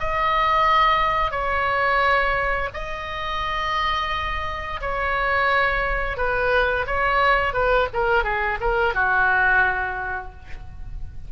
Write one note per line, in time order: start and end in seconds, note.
0.00 1.32 D#5
1.32 2.70 C#5
2.74 4.81 D#5
4.81 6.17 C#5
6.17 6.86 B4
6.87 7.54 C#5
7.54 7.88 B4
7.94 8.24 A#4
8.24 8.59 G#4
8.61 8.95 A#4
8.95 10.33 F#4